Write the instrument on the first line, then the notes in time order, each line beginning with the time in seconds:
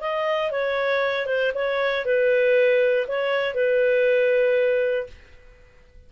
clarinet
0.00 D#5
0.51 C#5
1.26 C5
1.54 C#5
2.05 B4
3.07 C#5
3.54 B4